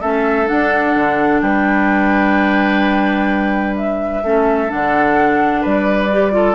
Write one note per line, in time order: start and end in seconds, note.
0.00 0.49 A3
0.00 0.46 C#4
0.00 1.41 A4
0.00 0.47 E5
0.46 4.21 D4
0.46 0.95 D4
0.46 1.41 F#5
0.95 1.41 D3
1.41 4.23 G3
1.41 4.23 B4
1.41 3.75 G5
3.76 4.70 E5
4.23 4.70 A3
4.23 4.68 C#4
4.23 5.61 A4
4.68 5.65 D3
4.68 6.09 D4
4.68 5.64 F#5
5.61 6.54 G3
5.61 6.31 B4
5.61 6.54 D5
6.11 6.31 G4
6.31 6.54 F4
6.31 6.54 A4